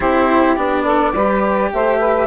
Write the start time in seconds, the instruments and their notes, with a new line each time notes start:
0.00 bassoon C4, cello E4, saxophone G4, flute C5
0.56 bassoon B3, cello D4, flute D5
0.84 saxophone A4
1.13 bassoon G3, cello G4, saxophone B4
1.72 bassoon A3, saxophone C5, flute E5
1.98 saxophone B4